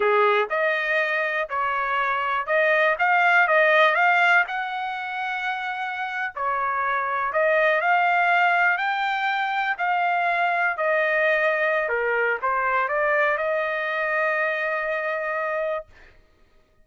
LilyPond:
\new Staff \with { instrumentName = "trumpet" } { \time 4/4 \tempo 4 = 121 gis'4 dis''2 cis''4~ | cis''4 dis''4 f''4 dis''4 | f''4 fis''2.~ | fis''8. cis''2 dis''4 f''16~ |
f''4.~ f''16 g''2 f''16~ | f''4.~ f''16 dis''2~ dis''16 | ais'4 c''4 d''4 dis''4~ | dis''1 | }